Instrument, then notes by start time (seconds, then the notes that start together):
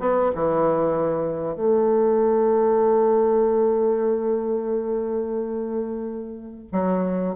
bassoon
0.00 B3
0.35 E3
1.56 A3
6.72 F#3